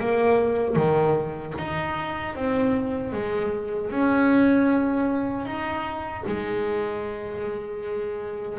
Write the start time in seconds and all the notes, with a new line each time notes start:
0.00 A#3
0.76 D#3
1.58 D#4
2.36 C4
3.13 G#3
3.91 C#4
5.45 D#4
6.27 G#3